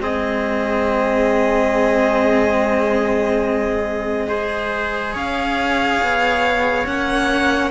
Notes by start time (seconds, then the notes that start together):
0.00 G#3 C4 G#4 D#5
4.27 G#4 C5
5.13 C#4 C#5 F5
6.02 B3
6.86 A#3 C#4 F#5